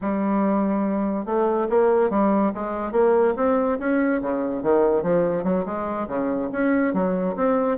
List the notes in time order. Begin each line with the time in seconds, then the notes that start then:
0.01 G3
1.25 A3
1.69 A#3
2.10 G3
2.54 G#3
2.92 A#3
3.36 C4
3.79 C#4
4.21 C#3
4.63 D#3
5.03 F3
5.43 F#3
5.65 G#3
6.08 C#3
6.51 C#4
6.93 F#3
7.35 C4